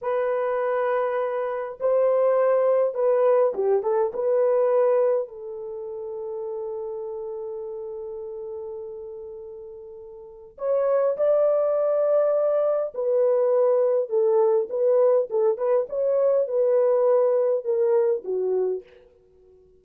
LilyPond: \new Staff \with { instrumentName = "horn" } { \time 4/4 \tempo 4 = 102 b'2. c''4~ | c''4 b'4 g'8 a'8 b'4~ | b'4 a'2.~ | a'1~ |
a'2 cis''4 d''4~ | d''2 b'2 | a'4 b'4 a'8 b'8 cis''4 | b'2 ais'4 fis'4 | }